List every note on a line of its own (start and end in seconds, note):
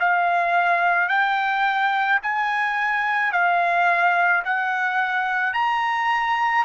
0.00 1.09 F5
1.09 2.20 G5
2.23 3.32 G#5
3.32 4.43 F5
4.44 5.54 F#5
5.54 6.65 A#5